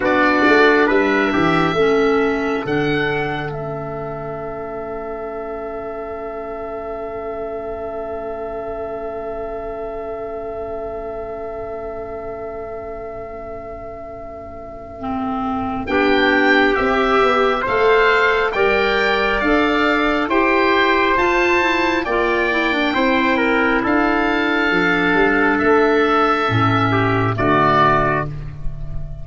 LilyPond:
<<
  \new Staff \with { instrumentName = "oboe" } { \time 4/4 \tempo 4 = 68 d''4 e''2 fis''4 | e''1~ | e''1~ | e''1~ |
e''2 g''4 e''4 | f''4 g''4 f''4 g''4 | a''4 g''2 f''4~ | f''4 e''2 d''4 | }
  \new Staff \with { instrumentName = "trumpet" } { \time 4/4 fis'4 b'8 g'8 a'2~ | a'1~ | a'1~ | a'1~ |
a'2 g'2 | c''4 d''2 c''4~ | c''4 d''4 c''8 ais'8 a'4~ | a'2~ a'8 g'8 fis'4 | }
  \new Staff \with { instrumentName = "clarinet" } { \time 4/4 d'2 cis'4 d'4 | cis'1~ | cis'1~ | cis'1~ |
cis'4 c'4 d'4 g'4 | a'4 ais'4 a'4 g'4 | f'8 e'8 f'8 e'16 d'16 e'2 | d'2 cis'4 a4 | }
  \new Staff \with { instrumentName = "tuba" } { \time 4/4 b8 a8 g8 e8 a4 d4 | a1~ | a1~ | a1~ |
a2 b4 c'8 b8 | a4 g4 d'4 e'4 | f'4 ais4 c'4 d'4 | f8 g8 a4 a,4 d4 | }
>>